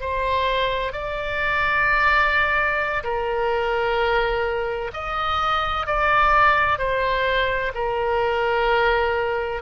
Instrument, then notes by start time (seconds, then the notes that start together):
oboe
0.00 C5
0.92 D5
3.03 A#4
4.93 D#5
5.86 D5
6.78 C5
7.74 A#4